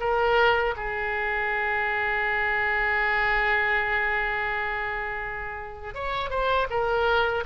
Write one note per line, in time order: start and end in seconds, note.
0.00 0.74 A#4
0.76 5.94 G#4
5.94 6.30 C#5
6.30 6.67 C5
6.70 7.44 A#4